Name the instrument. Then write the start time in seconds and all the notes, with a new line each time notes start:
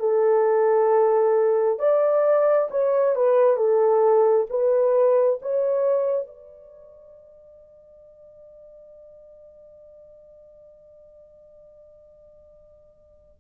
horn
0.00 A4
1.79 D5
2.71 C#5
3.15 B4
3.57 A4
4.50 B4
5.42 C#5
6.27 D5